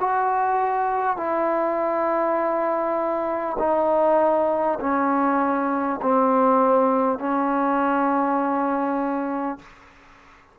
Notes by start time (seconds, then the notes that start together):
0.00 F#4
1.17 E4
3.59 D#4
4.81 C#4
6.03 C4
7.19 C#4